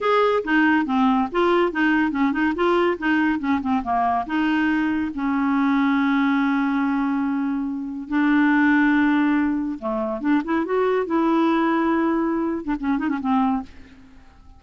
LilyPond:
\new Staff \with { instrumentName = "clarinet" } { \time 4/4 \tempo 4 = 141 gis'4 dis'4 c'4 f'4 | dis'4 cis'8 dis'8 f'4 dis'4 | cis'8 c'8 ais4 dis'2 | cis'1~ |
cis'2. d'4~ | d'2. a4 | d'8 e'8 fis'4 e'2~ | e'4.~ e'16 d'16 cis'8 dis'16 cis'16 c'4 | }